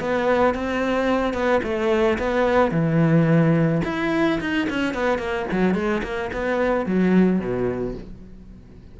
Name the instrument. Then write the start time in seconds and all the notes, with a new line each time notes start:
cello
0.00 B3
0.55 C4
1.33 B3
1.63 A3
2.18 B3
2.71 E3
3.85 E4
4.40 D#4
4.70 C#4
4.94 B3
5.18 A#3
5.51 F#3
5.74 G#3
6.04 A#3
6.33 B3
6.86 F#3
7.40 B2